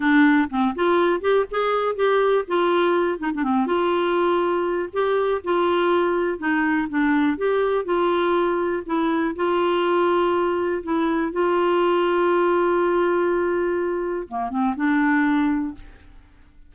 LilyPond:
\new Staff \with { instrumentName = "clarinet" } { \time 4/4 \tempo 4 = 122 d'4 c'8 f'4 g'8 gis'4 | g'4 f'4. dis'16 d'16 c'8 f'8~ | f'2 g'4 f'4~ | f'4 dis'4 d'4 g'4 |
f'2 e'4 f'4~ | f'2 e'4 f'4~ | f'1~ | f'4 ais8 c'8 d'2 | }